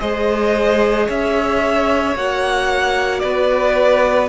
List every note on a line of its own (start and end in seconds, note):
0.00 1.08 G#3
0.00 2.15 G#4
0.00 1.07 C5
0.00 1.07 D#5
1.07 2.16 C#4
1.07 3.21 C#5
1.07 2.17 E5
2.16 3.23 A#3
2.16 4.29 F#4
2.16 3.20 F#5
3.20 4.29 B3
3.20 4.29 B4
3.20 4.27 D5